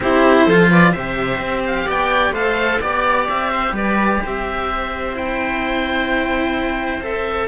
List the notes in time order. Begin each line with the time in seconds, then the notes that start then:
0.00 C4 E4 G4 C5
0.45 F3 F4 A4
0.69 B4 D5
0.91 C3 G4 C5 E5
1.38 C4
1.66 F5
1.86 B3 D5 G5
2.31 A3 A4 C5 F5
2.80 B3 G4 D5
3.28 C4 E5
3.50 C5
3.72 G3 B4 D5
4.22 C4 C5 E5
5.13 E4 G5
7.01 A4 E5